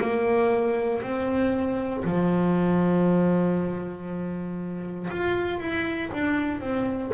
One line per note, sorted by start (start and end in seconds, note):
0.00 1.02 A#3
1.02 2.03 C4
2.04 5.09 F3
5.10 5.59 F4
5.59 6.10 E4
6.12 6.60 D4
6.60 7.11 C4